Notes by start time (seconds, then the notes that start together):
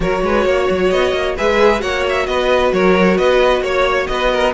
0.00 F#3 F#4 A#4 C#5
0.22 G#3 B4
0.45 A#3 C#5
0.69 F#3
0.89 B3 D#5
1.12 A#3
1.36 G#3 G#4 B4 E5
1.79 A#3 F#4 C#5 F#5
2.09 E5
2.26 B3 B4 D#5
2.72 F#3 A#4 C#5
3.17 B3 B4 D#5
3.61 A#3 C#5
4.07 B3 B4 D#5
4.31 A#4